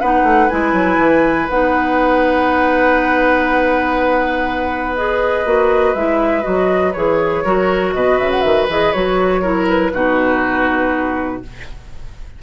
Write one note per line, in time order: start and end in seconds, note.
0.00 0.23 B3
0.00 0.49 D#4
0.00 7.44 B4
0.00 0.49 F#5
0.23 0.48 A3
0.49 0.72 G#3
0.49 1.48 E4
0.49 1.48 G#5
0.72 0.97 F#3
0.98 1.47 E3
1.49 5.45 B3
1.49 4.97 D#4
1.49 4.96 F#5
4.96 5.45 G#4
4.96 5.94 D#5
5.45 5.94 A#3
5.45 5.95 F#4
5.94 6.44 G#3
5.94 6.42 E4
5.94 6.42 E5
6.42 6.95 F#3
6.42 6.91 F#4
6.42 6.92 D#5
6.92 7.44 E3
6.92 7.44 G#4
6.92 7.92 C#5
7.44 7.94 F#3
7.44 8.69 F#4
7.44 7.93 A#4
7.93 8.18 B2
7.93 9.41 B4
7.93 8.17 D#5
8.17 8.43 C#3
8.17 8.30 E5
8.30 8.40 F#5
8.40 8.68 D#3
8.40 8.65 E5
8.68 8.93 E3
8.68 8.94 G#4
8.68 8.92 D#5
8.92 9.93 F#3
8.92 9.42 F#4
8.92 9.66 C#5
9.41 9.92 E4
9.41 9.91 A#4
9.68 11.42 B4
9.93 11.42 B2
9.93 11.42 D#4
9.93 11.42 F#4